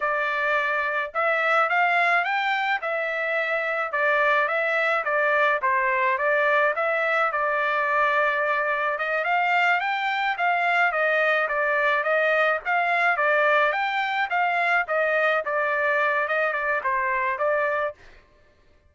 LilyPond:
\new Staff \with { instrumentName = "trumpet" } { \time 4/4 \tempo 4 = 107 d''2 e''4 f''4 | g''4 e''2 d''4 | e''4 d''4 c''4 d''4 | e''4 d''2. |
dis''8 f''4 g''4 f''4 dis''8~ | dis''8 d''4 dis''4 f''4 d''8~ | d''8 g''4 f''4 dis''4 d''8~ | d''4 dis''8 d''8 c''4 d''4 | }